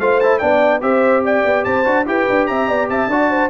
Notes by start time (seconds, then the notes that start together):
0.00 A3 F4 C5 F5
0.21 E4 A5
0.39 B3 D4 D5 G5
0.81 C4 G4 C5 E5
1.25 D5 G5
1.45 B3
1.65 C4 C5 A5
1.85 D4 F#4
2.06 E4 G4 B4 G5
2.30 D4
2.47 C4 E5 A#5
2.69 B3 D5
2.90 C4 E5 A5
3.07 D4 F#4 D5
3.31 C5